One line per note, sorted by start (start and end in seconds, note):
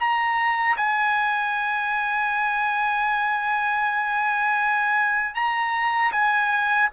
0.00 0.77 A#5
0.77 5.35 G#5
5.35 6.12 A#5
6.13 6.90 G#5